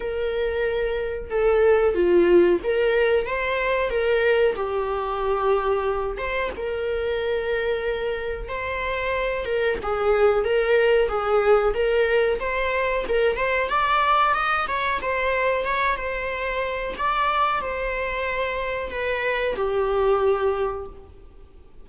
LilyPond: \new Staff \with { instrumentName = "viola" } { \time 4/4 \tempo 4 = 92 ais'2 a'4 f'4 | ais'4 c''4 ais'4 g'4~ | g'4. c''8 ais'2~ | ais'4 c''4. ais'8 gis'4 |
ais'4 gis'4 ais'4 c''4 | ais'8 c''8 d''4 dis''8 cis''8 c''4 | cis''8 c''4. d''4 c''4~ | c''4 b'4 g'2 | }